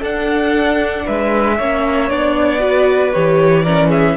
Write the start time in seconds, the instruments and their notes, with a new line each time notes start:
0.00 cello D4, viola D4, violin A4 F#5
1.05 cello G#3, violin B4 E5
1.57 cello A#3, viola C#4, violin C#5
2.09 cello B3, viola D4, violin D5
2.59 viola F#4, violin B4
3.12 cello E3, viola G4, violin C#5
3.63 viola C#4, violin A#4 D5
3.89 violin G#4 E5